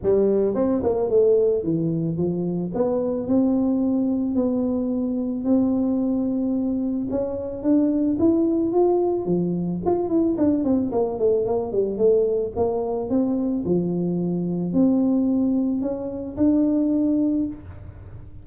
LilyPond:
\new Staff \with { instrumentName = "tuba" } { \time 4/4 \tempo 4 = 110 g4 c'8 ais8 a4 e4 | f4 b4 c'2 | b2 c'2~ | c'4 cis'4 d'4 e'4 |
f'4 f4 f'8 e'8 d'8 c'8 | ais8 a8 ais8 g8 a4 ais4 | c'4 f2 c'4~ | c'4 cis'4 d'2 | }